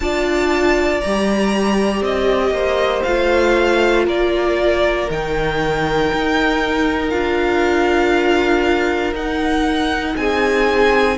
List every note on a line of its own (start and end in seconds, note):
0.00 1.02 D4
0.00 1.03 F4
0.00 2.53 D5
0.00 1.00 A5
1.00 2.01 G3
1.00 3.05 G4
1.00 2.02 A#5
2.01 2.50 C4
2.01 3.02 D#5
2.50 3.01 A#3
2.50 4.05 C5
3.02 4.07 A3
3.02 5.08 F4
3.02 4.04 F5
4.05 5.08 A#3
4.05 10.15 A#4
4.05 5.10 D5
5.09 6.11 D#3
5.09 7.11 D#4
5.09 7.09 G5
6.12 7.12 D#4
7.09 9.13 D4
7.09 9.14 F4
7.09 9.13 F5
9.13 10.15 D#4
9.13 11.17 D#4
9.13 10.16 F#5
10.16 11.17 C4
10.16 11.17 G#4
10.16 11.17 G#5